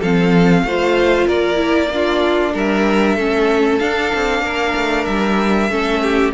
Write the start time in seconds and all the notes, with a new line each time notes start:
0.00 F3 C4 A4 F5
0.64 A3 F4 C5
1.27 A#3 A#4 D5
1.57 E4
1.93 D4 F4
2.54 G3 A#4 E5
3.16 A3 C#4 A4
3.79 D4 F5
4.15 C4
4.42 A#3 A#4
4.76 A3
5.05 G3 E5
5.70 A3 C#4 A4
6.03 G4